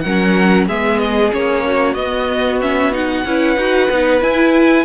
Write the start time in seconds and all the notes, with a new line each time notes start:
0.00 F#3 C#4 A#4 F#5
0.67 G#3 B3 G#4 E5
0.99 D#5
1.31 A#3 C#4 C#5
1.66 F#4
1.94 B3 D#5
2.61 C#4 E5
2.91 D#4 F#5
3.24 C#4 E4 B4
3.56 D#4 F#4
3.90 B3 D#4
4.20 E4 G#5